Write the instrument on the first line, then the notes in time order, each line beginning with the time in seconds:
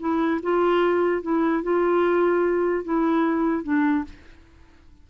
clarinet
0.00 E4
0.43 F4
1.22 E4
1.63 F4
2.84 E4
3.63 D4